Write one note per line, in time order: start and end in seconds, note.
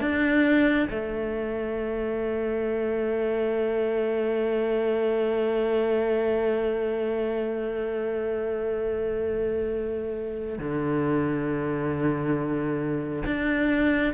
0.00 0.88 D4
0.90 10.58 A3
10.58 13.23 D3
13.26 14.13 D4